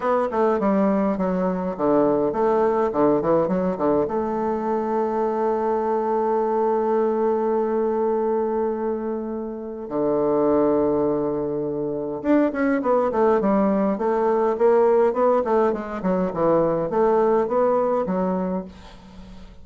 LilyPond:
\new Staff \with { instrumentName = "bassoon" } { \time 4/4 \tempo 4 = 103 b8 a8 g4 fis4 d4 | a4 d8 e8 fis8 d8 a4~ | a1~ | a1~ |
a4 d2.~ | d4 d'8 cis'8 b8 a8 g4 | a4 ais4 b8 a8 gis8 fis8 | e4 a4 b4 fis4 | }